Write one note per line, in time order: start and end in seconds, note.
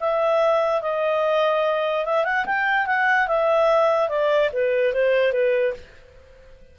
0.00 0.82 E5
0.82 2.05 D#5
2.05 2.25 E5
2.25 2.45 F#5
2.46 2.87 G5
2.87 3.28 F#5
3.28 4.09 E5
4.09 4.50 D5
4.53 4.93 B4
4.93 5.32 C5
5.32 5.74 B4